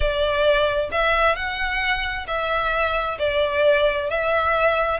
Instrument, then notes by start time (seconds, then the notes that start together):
violin
0.00 D5
0.91 E5
1.35 F#5
2.27 E5
3.19 D5
4.10 E5